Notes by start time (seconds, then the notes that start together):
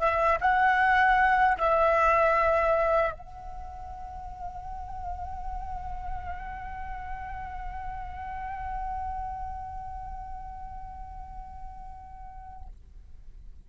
0.00 E5
0.41 F#5
1.58 E5
3.13 F#5